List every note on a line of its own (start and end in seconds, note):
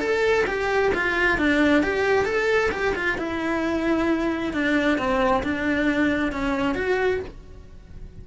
0.00 0.45 A4
0.47 0.92 G4
0.95 1.38 F4
1.38 1.83 D4
1.83 2.25 G4
2.25 2.70 A4
2.72 2.94 G4
2.96 3.18 F4
3.18 4.53 E4
4.53 4.98 D4
4.98 5.43 C4
5.44 6.32 D4
6.32 6.75 C#4
6.75 7.20 F#4